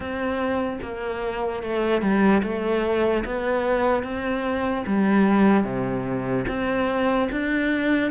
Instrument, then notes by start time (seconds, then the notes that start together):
cello
0.00 C4
0.81 A#3
1.63 A3
2.01 G3
2.43 A3
3.25 B3
4.03 C4
4.86 G3
5.64 C3
6.48 C4
7.31 D4